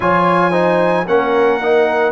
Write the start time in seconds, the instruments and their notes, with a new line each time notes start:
0.00 tuba F3, trombone F4, horn C#5, trumpet G#5
0.50 trombone D#4, horn C5
1.06 tuba A#3, trombone C#4, horn A#4, trumpet F#5
1.61 trombone D#4